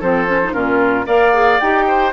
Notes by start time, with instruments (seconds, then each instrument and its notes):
0.00 bassoon F3, clarinet C4, oboe A4, flute C5
0.27 clarinet C#4
0.44 clarinet D#4
0.53 bassoon A#2, clarinet C#4, oboe F4, flute A#4
1.06 bassoon A#3, clarinet A#4, oboe D5, flute F5
1.33 clarinet G#4
1.59 bassoon D#4, clarinet G4, flute G5
1.87 oboe C5